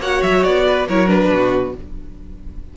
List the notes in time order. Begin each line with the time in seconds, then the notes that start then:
0.00 A#3 F#4 C#5 F#5
0.23 F#3 E5
0.44 B3 D5
0.68 B4
0.88 F#3 E4 A#4 C#5
1.07 D4 B4
1.31 B2 F#4